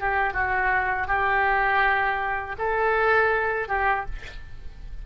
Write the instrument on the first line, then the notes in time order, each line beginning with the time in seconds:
oboe
0.00 G4
0.34 F#4
1.08 G4
2.59 A4
3.69 G4